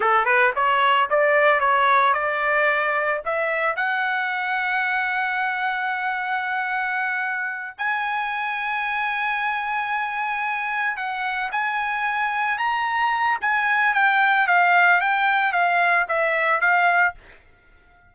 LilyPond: \new Staff \with { instrumentName = "trumpet" } { \time 4/4 \tempo 4 = 112 a'8 b'8 cis''4 d''4 cis''4 | d''2 e''4 fis''4~ | fis''1~ | fis''2~ fis''8 gis''4.~ |
gis''1~ | gis''8 fis''4 gis''2 ais''8~ | ais''4 gis''4 g''4 f''4 | g''4 f''4 e''4 f''4 | }